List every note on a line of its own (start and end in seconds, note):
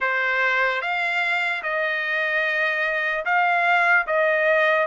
0.00 0.81 C5
0.81 1.62 F5
1.62 3.24 D#5
3.25 4.06 F5
4.06 4.86 D#5